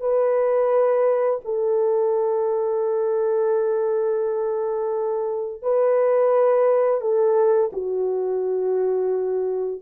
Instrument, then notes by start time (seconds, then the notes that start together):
horn
0.00 B4
1.44 A4
5.62 B4
7.01 A4
7.73 F#4